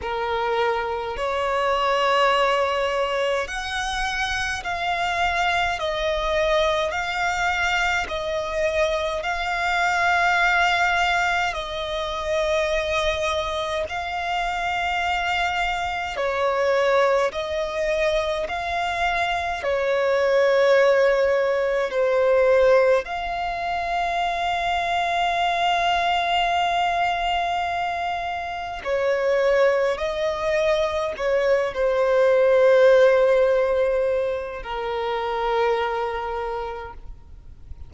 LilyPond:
\new Staff \with { instrumentName = "violin" } { \time 4/4 \tempo 4 = 52 ais'4 cis''2 fis''4 | f''4 dis''4 f''4 dis''4 | f''2 dis''2 | f''2 cis''4 dis''4 |
f''4 cis''2 c''4 | f''1~ | f''4 cis''4 dis''4 cis''8 c''8~ | c''2 ais'2 | }